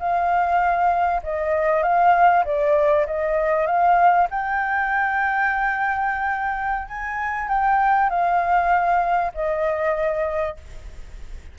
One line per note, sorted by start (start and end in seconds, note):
0.00 1.22 F5
1.24 1.83 D#5
1.83 2.45 F5
2.45 3.07 D5
3.07 3.67 D#5
3.67 4.28 F5
4.31 6.88 G5
6.88 7.49 G#5
7.49 8.10 G5
8.10 9.33 F5
9.35 10.58 D#5